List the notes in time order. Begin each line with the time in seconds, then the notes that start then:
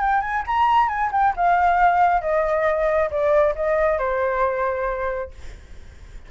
0.00 G5
0.21 G#5
0.47 A#5
0.88 G#5
1.12 G5
1.36 F5
2.21 D#5
3.10 D5
3.55 D#5
3.99 C5